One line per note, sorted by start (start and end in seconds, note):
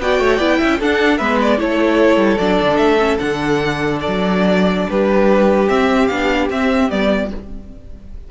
0.00 0.20 B3
0.00 0.40 F#4
0.00 0.22 D5
0.00 0.82 G5
0.20 0.39 A3
0.20 0.37 C#5
0.37 0.59 B3
0.37 0.80 E4
0.37 0.57 D5
0.58 0.81 C#4
0.58 0.78 E5
0.80 1.21 D4
0.80 1.19 D4
0.80 1.18 A4
0.80 1.18 F#5
1.18 1.61 G#3
1.18 1.58 B3
1.18 1.58 B4
1.18 1.38 E5
1.42 1.60 D5
1.58 2.17 A3
1.58 2.38 E4
1.58 4.89 A4
1.58 2.38 C#5
2.17 2.37 G3
2.38 2.60 F#3
2.38 2.99 D4
2.38 2.78 D5
2.62 2.78 D3
2.78 3.18 A3
2.78 3.18 E5
2.99 3.19 C#4
3.19 4.07 D3
3.19 5.69 D4
3.19 4.00 F#5
4.01 4.90 D5
4.07 4.87 F#3
4.89 5.70 G3
4.89 7.29 G4
4.89 5.69 B4
5.69 6.09 C4
5.69 6.10 C4
5.69 6.08 E5
6.08 6.50 B3
6.08 6.51 D4
6.08 6.48 F5
6.50 6.90 C4
6.50 6.91 E5
6.90 7.31 G3
6.90 7.30 B3
6.90 7.31 D5